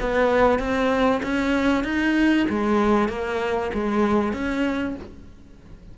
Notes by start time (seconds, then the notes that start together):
0.00 B3
0.59 C4
1.23 C#4
1.84 D#4
2.49 G#3
3.09 A#3
3.74 G#3
4.33 C#4